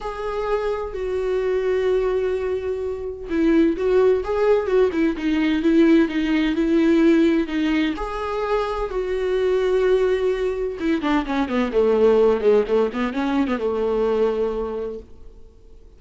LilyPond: \new Staff \with { instrumentName = "viola" } { \time 4/4 \tempo 4 = 128 gis'2 fis'2~ | fis'2. e'4 | fis'4 gis'4 fis'8 e'8 dis'4 | e'4 dis'4 e'2 |
dis'4 gis'2 fis'4~ | fis'2. e'8 d'8 | cis'8 b8 a4. gis8 a8 b8 | cis'8. b16 a2. | }